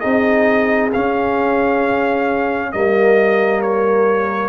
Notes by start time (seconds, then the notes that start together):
0.00 C4 D#4 G#4 D#5
0.93 C#4 F5
2.72 G3 A#3 A#4 D#5
3.62 C#5